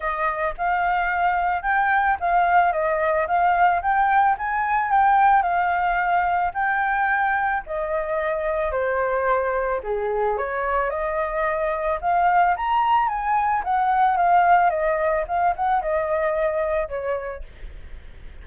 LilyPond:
\new Staff \with { instrumentName = "flute" } { \time 4/4 \tempo 4 = 110 dis''4 f''2 g''4 | f''4 dis''4 f''4 g''4 | gis''4 g''4 f''2 | g''2 dis''2 |
c''2 gis'4 cis''4 | dis''2 f''4 ais''4 | gis''4 fis''4 f''4 dis''4 | f''8 fis''8 dis''2 cis''4 | }